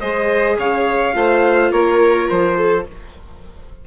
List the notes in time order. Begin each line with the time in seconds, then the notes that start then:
0.00 G#3 G#4 C5 D#5
0.57 C#3 C#5 F5
1.13 A3 F4 C5
1.72 A#3 A#4 C#5
2.29 F3 C5
2.56 A4